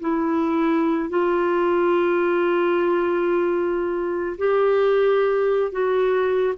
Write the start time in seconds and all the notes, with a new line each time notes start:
0.00 E4
1.10 F4
4.37 G4
5.72 F#4